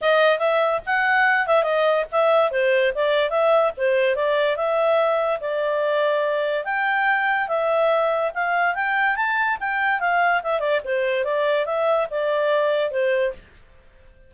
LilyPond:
\new Staff \with { instrumentName = "clarinet" } { \time 4/4 \tempo 4 = 144 dis''4 e''4 fis''4. e''8 | dis''4 e''4 c''4 d''4 | e''4 c''4 d''4 e''4~ | e''4 d''2. |
g''2 e''2 | f''4 g''4 a''4 g''4 | f''4 e''8 d''8 c''4 d''4 | e''4 d''2 c''4 | }